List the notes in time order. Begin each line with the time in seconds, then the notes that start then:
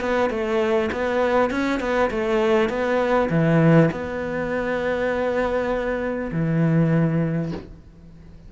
0.00 B3
0.29 A3
0.92 B3
1.50 C#4
1.80 B3
2.10 A3
2.69 B3
3.30 E3
3.91 B3
6.32 E3